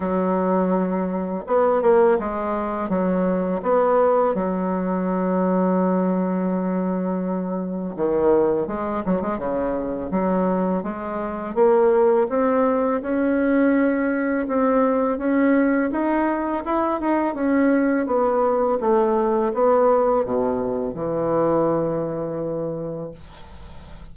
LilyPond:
\new Staff \with { instrumentName = "bassoon" } { \time 4/4 \tempo 4 = 83 fis2 b8 ais8 gis4 | fis4 b4 fis2~ | fis2. dis4 | gis8 fis16 gis16 cis4 fis4 gis4 |
ais4 c'4 cis'2 | c'4 cis'4 dis'4 e'8 dis'8 | cis'4 b4 a4 b4 | b,4 e2. | }